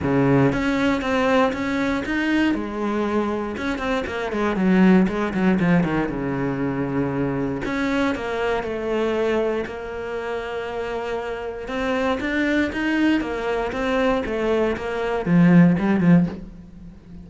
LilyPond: \new Staff \with { instrumentName = "cello" } { \time 4/4 \tempo 4 = 118 cis4 cis'4 c'4 cis'4 | dis'4 gis2 cis'8 c'8 | ais8 gis8 fis4 gis8 fis8 f8 dis8 | cis2. cis'4 |
ais4 a2 ais4~ | ais2. c'4 | d'4 dis'4 ais4 c'4 | a4 ais4 f4 g8 f8 | }